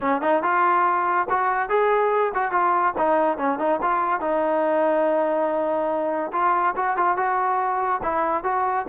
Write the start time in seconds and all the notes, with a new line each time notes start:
0.00 C#4
0.21 D#4
0.42 F4
1.29 F#4
1.69 G#4
2.34 F#4
2.51 F4
2.98 D#4
3.37 C#4
3.58 D#4
3.81 F4
4.20 D#4
6.32 F4
6.76 F#4
6.96 F4
7.16 F#4
8.02 E4
8.43 F#4